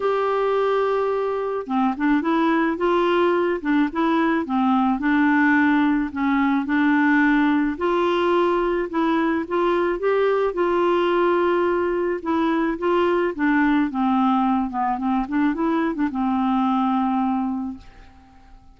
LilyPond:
\new Staff \with { instrumentName = "clarinet" } { \time 4/4 \tempo 4 = 108 g'2. c'8 d'8 | e'4 f'4. d'8 e'4 | c'4 d'2 cis'4 | d'2 f'2 |
e'4 f'4 g'4 f'4~ | f'2 e'4 f'4 | d'4 c'4. b8 c'8 d'8 | e'8. d'16 c'2. | }